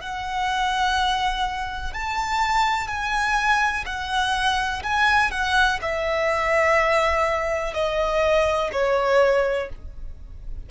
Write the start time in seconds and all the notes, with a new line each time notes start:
0.00 F#5
1.93 A5
2.87 G#5
3.85 F#5
4.83 G#5
5.30 F#5
5.82 E5
7.73 D#5
8.72 C#5